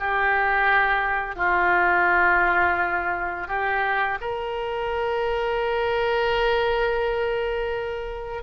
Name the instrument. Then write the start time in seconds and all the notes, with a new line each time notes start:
oboe
0.00 G4
1.36 F4
3.48 G4
4.21 A#4